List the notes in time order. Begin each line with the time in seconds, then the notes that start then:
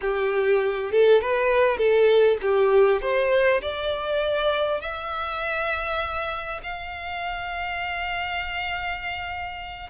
0.01 G4
0.91 A4
1.21 B4
1.77 A4
2.41 G4
3.01 C5
3.61 D5
4.80 E5
6.63 F5